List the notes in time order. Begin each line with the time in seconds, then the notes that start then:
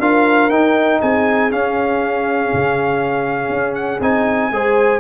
0.00 D4 F4 A#4 F5
0.50 D#4 G5
1.00 C4 G#4 G#5
1.51 C#4 F5
2.54 C#3
3.49 C#4
3.75 F#5
4.01 C4 D#4 G#5
4.51 G#3 G#4 C5